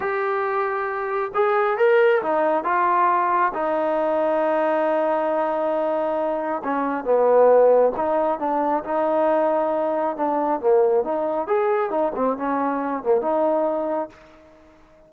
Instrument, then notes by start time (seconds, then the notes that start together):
trombone
0.00 G4
1.34 G#4
1.77 A#4
2.22 D#4
2.64 F4
3.53 D#4
6.64 C#4
7.04 B3
7.96 D#4
8.39 D4
8.84 D#4
10.16 D4
10.60 A#3
11.04 D#4
11.47 G#4
11.90 D#4
12.15 C4
12.37 C#4
13.03 A#3
13.21 D#4